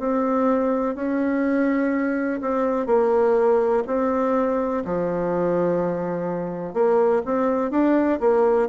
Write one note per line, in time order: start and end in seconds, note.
0.00 0.95 C4
0.95 2.41 C#4
2.41 2.87 C4
2.87 3.84 A#3
3.87 4.84 C4
4.85 6.74 F3
6.74 7.23 A#3
7.26 7.72 C4
7.72 8.20 D4
8.21 8.69 A#3